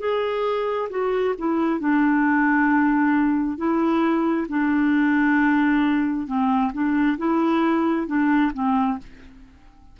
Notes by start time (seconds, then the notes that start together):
0.00 G#4
0.90 F#4
1.39 E4
1.80 D4
3.58 E4
4.49 D4
6.27 C4
6.73 D4
7.18 E4
8.08 D4
8.54 C4